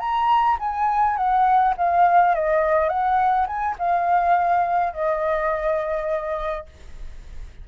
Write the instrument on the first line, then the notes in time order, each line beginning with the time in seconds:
flute
0.00 A#5
0.60 G#5
1.17 F#5
1.78 F5
2.35 D#5
2.90 F#5
3.47 G#5
3.79 F5
4.94 D#5